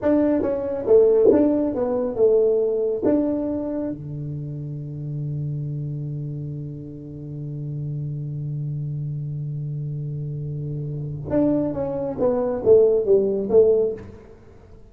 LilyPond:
\new Staff \with { instrumentName = "tuba" } { \time 4/4 \tempo 4 = 138 d'4 cis'4 a4 d'4 | b4 a2 d'4~ | d'4 d2.~ | d1~ |
d1~ | d1~ | d2 d'4 cis'4 | b4 a4 g4 a4 | }